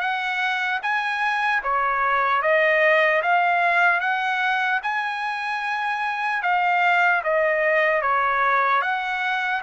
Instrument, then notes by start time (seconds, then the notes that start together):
trumpet
0.00 F#5
0.83 G#5
1.63 C#5
2.42 D#5
3.23 F5
4.00 F#5
4.83 G#5
6.43 F5
7.24 D#5
8.02 C#5
8.82 F#5